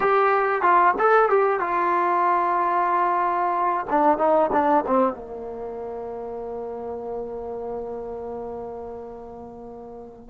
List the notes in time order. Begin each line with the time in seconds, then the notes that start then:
0.00 G4
0.62 F4
0.99 A4
1.29 G4
1.60 F4
3.89 D4
4.18 D#4
4.52 D4
4.87 C4
5.13 A#3